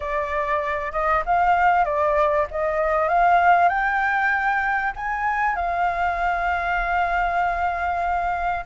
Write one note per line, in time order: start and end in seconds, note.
0.00 0.92 D5
0.92 1.23 D#5
1.25 1.84 F5
1.84 2.46 D5
2.50 3.08 D#5
3.08 3.69 F5
3.69 4.92 G5
4.95 5.55 G#5
5.55 8.64 F5